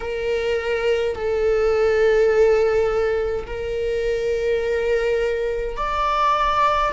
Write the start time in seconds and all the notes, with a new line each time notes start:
0.00 A#4
1.15 A4
3.46 A#4
5.76 D5